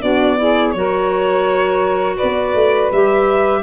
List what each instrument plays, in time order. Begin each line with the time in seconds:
0.00 tuba B3, clarinet D4, saxophone F#4, violin D5
0.37 clarinet E4, saxophone G#4
0.71 tuba F#3, clarinet F#4, saxophone A#4, violin C#5
2.16 saxophone B4, violin D5
2.22 tuba B3
2.54 tuba A3
2.91 tuba G3, clarinet G4, violin E5